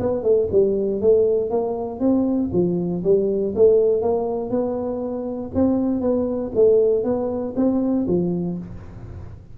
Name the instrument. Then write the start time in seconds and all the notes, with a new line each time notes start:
tuba
0.00 B3
0.23 A3
0.52 G3
1.01 A3
1.51 A#3
2.00 C4
2.53 F3
3.04 G3
3.56 A3
4.02 A#3
4.50 B3
5.55 C4
6.01 B3
6.55 A3
7.04 B3
7.57 C4
8.08 F3